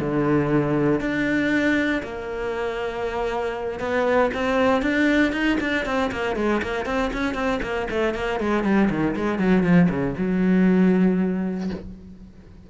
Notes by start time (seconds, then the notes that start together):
0.00 D3
1.00 D4
2.03 A#3
3.80 B3
4.34 C4
4.82 D4
5.32 D#4
5.60 D4
5.85 C4
6.12 A#3
6.36 G#3
6.62 A#3
6.86 C4
7.13 C#4
7.34 C4
7.62 A#3
7.90 A3
8.14 A#3
8.40 G#3
8.64 G3
8.90 D#3
9.16 G#3
9.39 F#3
9.63 F3
9.89 C#3
10.18 F#3